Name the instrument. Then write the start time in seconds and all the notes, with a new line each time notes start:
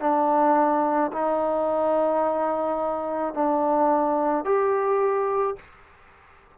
trombone
0.00 D4
1.12 D#4
3.34 D4
4.44 G4